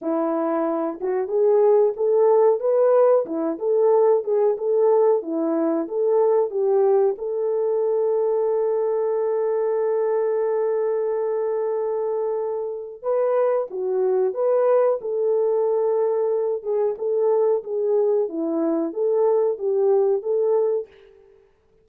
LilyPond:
\new Staff \with { instrumentName = "horn" } { \time 4/4 \tempo 4 = 92 e'4. fis'8 gis'4 a'4 | b'4 e'8 a'4 gis'8 a'4 | e'4 a'4 g'4 a'4~ | a'1~ |
a'1 | b'4 fis'4 b'4 a'4~ | a'4. gis'8 a'4 gis'4 | e'4 a'4 g'4 a'4 | }